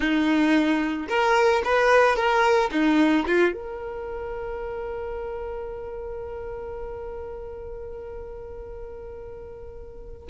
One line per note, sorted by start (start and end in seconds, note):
0.00 1.07 D#4
1.08 1.62 A#4
1.64 2.16 B4
2.16 2.70 A#4
2.71 3.25 D#4
3.27 3.53 F4
3.53 10.29 A#4